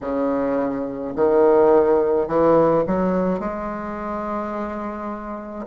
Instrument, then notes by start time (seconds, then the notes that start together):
bassoon
0.01 C#3
1.15 D#3
2.27 E3
2.86 F#3
3.40 G#3